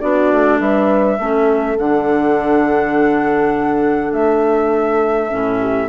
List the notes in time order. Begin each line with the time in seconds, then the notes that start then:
0.00 B3 D4 F#4 D5
0.32 A3
0.60 G3 B4 E5
1.19 A3 C#4 A4
1.77 D3 D4 F#5
4.13 A3 E5
5.30 A2 C#4
5.60 G4